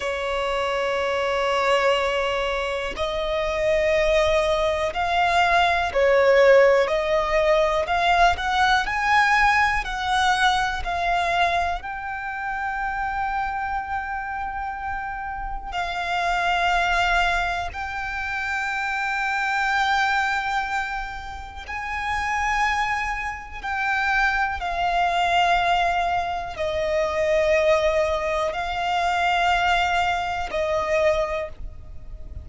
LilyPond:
\new Staff \with { instrumentName = "violin" } { \time 4/4 \tempo 4 = 61 cis''2. dis''4~ | dis''4 f''4 cis''4 dis''4 | f''8 fis''8 gis''4 fis''4 f''4 | g''1 |
f''2 g''2~ | g''2 gis''2 | g''4 f''2 dis''4~ | dis''4 f''2 dis''4 | }